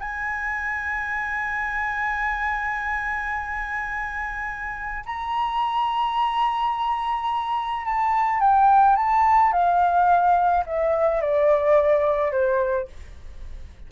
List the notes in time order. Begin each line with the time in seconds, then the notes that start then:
0.00 G#5
5.06 A#5
7.85 A5
8.40 G5
8.96 A5
9.53 F5
10.66 E5
11.21 D5
12.32 C5